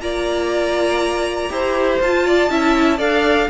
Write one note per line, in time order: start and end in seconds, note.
0.00 1.49 A#3
0.00 1.49 F4
0.00 1.52 D5
0.00 2.00 A#5
1.49 1.99 E4
1.49 1.99 G4
1.49 2.26 C5
2.00 2.49 F4
2.00 2.50 F4
2.00 3.00 A5
2.26 2.50 D5
2.49 2.99 C#4
2.49 2.98 E4
2.49 2.97 E5
2.97 3.49 D4
2.97 3.48 A4
2.97 3.47 D5
2.97 3.49 F5